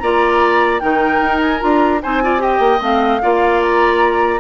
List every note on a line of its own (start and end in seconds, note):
0.00 0.82 A#3
0.00 0.81 F4
0.00 0.82 D5
0.00 0.80 A#5
0.80 1.21 D#3
0.80 1.60 D#4
0.80 2.02 A#4
0.80 1.40 G5
1.21 1.61 D#4
1.41 1.61 G#5
1.60 2.03 D4
1.60 2.00 F4
1.60 2.01 A#5
2.03 2.59 C4
2.03 2.23 D#4
2.03 2.23 C5
2.03 2.42 G#5
2.23 2.39 F4
2.23 2.42 D5
2.39 2.79 G4
2.39 3.22 D#5
2.39 2.82 G5
2.59 2.79 A#3
2.81 3.21 A3
2.81 3.21 C4
2.81 3.62 F5
3.22 4.40 A#3
3.22 4.40 F4
3.22 4.40 D5
3.62 4.40 A#5